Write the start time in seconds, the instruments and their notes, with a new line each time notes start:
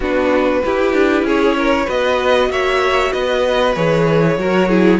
0.00 cello B3, viola D4, violin F#4 B4
0.64 viola E4, cello E4, violin G4
0.93 cello D4
1.23 cello C#4, violin G#4 C#5
1.57 violin A#4
1.85 cello B3, viola F#4, violin B4 D#5
2.49 cello A#3, violin C#5 E5
3.12 cello B3, violin B4 D#5
3.75 cello E3, viola G#4, violin C#5
4.37 cello F#3, viola F#4, violin A#4
4.68 viola E4, violin G#4